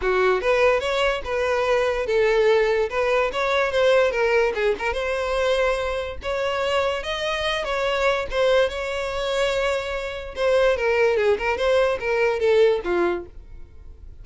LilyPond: \new Staff \with { instrumentName = "violin" } { \time 4/4 \tempo 4 = 145 fis'4 b'4 cis''4 b'4~ | b'4 a'2 b'4 | cis''4 c''4 ais'4 gis'8 ais'8 | c''2. cis''4~ |
cis''4 dis''4. cis''4. | c''4 cis''2.~ | cis''4 c''4 ais'4 gis'8 ais'8 | c''4 ais'4 a'4 f'4 | }